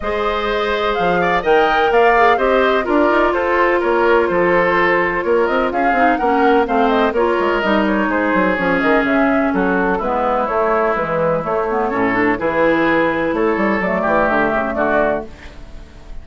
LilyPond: <<
  \new Staff \with { instrumentName = "flute" } { \time 4/4 \tempo 4 = 126 dis''2 f''4 g''4 | f''4 dis''4 d''4 c''4 | cis''4 c''2 cis''8 dis''8 | f''4 fis''4 f''8 dis''8 cis''4 |
dis''8 cis''8 c''4 cis''8 dis''8 e''4 | a'4 b'4 cis''4 b'4 | cis''2 b'2 | cis''4 d''4 e''4 d''4 | }
  \new Staff \with { instrumentName = "oboe" } { \time 4/4 c''2~ c''8 d''8 dis''4 | d''4 c''4 ais'4 a'4 | ais'4 a'2 ais'4 | gis'4 ais'4 c''4 ais'4~ |
ais'4 gis'2. | fis'4 e'2.~ | e'4 a'4 gis'2 | a'4. g'4. fis'4 | }
  \new Staff \with { instrumentName = "clarinet" } { \time 4/4 gis'2. ais'4~ | ais'8 gis'8 g'4 f'2~ | f'1~ | f'8 dis'8 cis'4 c'4 f'4 |
dis'2 cis'2~ | cis'4 b4 a4 e4 | a8 b8 cis'8 d'8 e'2~ | e'4 a2. | }
  \new Staff \with { instrumentName = "bassoon" } { \time 4/4 gis2 f4 dis4 | ais4 c'4 d'8 dis'8 f'4 | ais4 f2 ais8 c'8 | cis'8 c'8 ais4 a4 ais8 gis8 |
g4 gis8 fis8 f8 dis8 cis4 | fis4 gis4 a4 gis4 | a4 a,4 e2 | a8 g8 fis8 e8 d8 cis8 d4 | }
>>